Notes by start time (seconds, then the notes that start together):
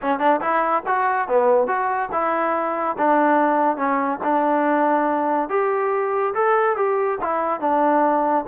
0.02 C#4
0.19 D4
0.40 E4
0.86 F#4
1.28 B3
1.67 F#4
2.11 E4
2.98 D4
3.77 C#4
4.23 D4
5.49 G4
6.34 A4
6.76 G4
7.21 E4
7.60 D4